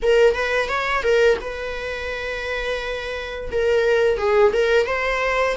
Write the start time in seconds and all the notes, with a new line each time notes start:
0.02 A#4
0.34 B4
0.68 C#5
1.02 A#4
1.40 B4
3.51 A#4
4.17 G#4
4.52 A#4
4.86 C5